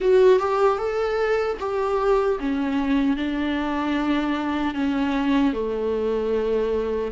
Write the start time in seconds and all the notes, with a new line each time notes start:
0.00 F#4
0.39 G4
0.78 A4
1.59 G4
2.39 C#4
3.16 D4
4.74 C#4
5.53 A3